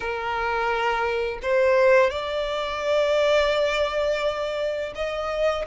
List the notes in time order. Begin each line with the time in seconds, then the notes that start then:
0.00 A#4
1.42 C5
2.10 D5
4.95 D#5